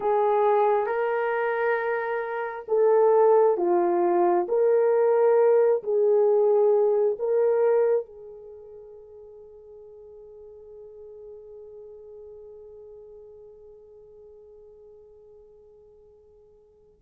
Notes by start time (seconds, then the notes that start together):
0.00 G#4
0.86 A#4
2.68 A4
3.57 F4
4.48 A#4
5.82 G#4
7.18 A#4
8.05 G#4